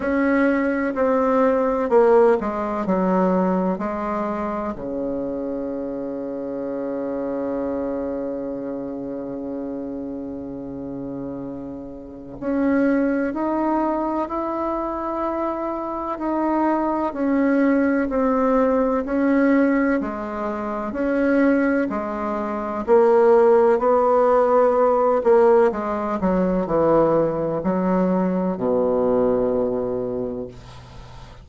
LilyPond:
\new Staff \with { instrumentName = "bassoon" } { \time 4/4 \tempo 4 = 63 cis'4 c'4 ais8 gis8 fis4 | gis4 cis2.~ | cis1~ | cis4 cis'4 dis'4 e'4~ |
e'4 dis'4 cis'4 c'4 | cis'4 gis4 cis'4 gis4 | ais4 b4. ais8 gis8 fis8 | e4 fis4 b,2 | }